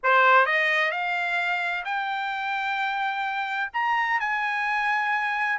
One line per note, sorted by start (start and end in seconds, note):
0.03 0.46 C5
0.46 0.91 D#5
0.91 1.84 F5
1.84 3.70 G5
3.73 4.19 A#5
4.19 5.58 G#5